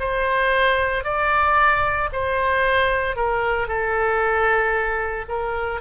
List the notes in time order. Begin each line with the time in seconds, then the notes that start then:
0.00 C5
1.05 D5
2.13 C5
3.16 A#4
3.68 A4
5.29 A#4